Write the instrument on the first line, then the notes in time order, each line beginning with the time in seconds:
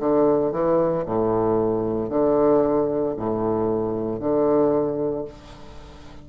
bassoon
0.00 D3
0.53 E3
1.06 A2
2.10 D3
3.17 A2
4.20 D3